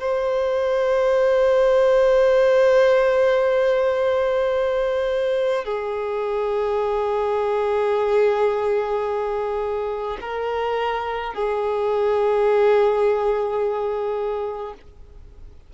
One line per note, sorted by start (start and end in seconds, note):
0.00 5.64 C5
5.64 10.17 G#4
10.21 11.34 A#4
11.35 14.74 G#4